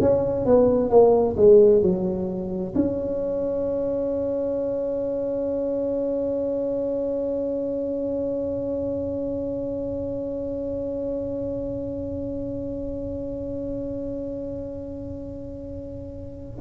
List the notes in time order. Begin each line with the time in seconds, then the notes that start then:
0.00 C#4
0.45 B3
0.89 A#3
1.36 G#3
1.82 F#3
2.75 C#4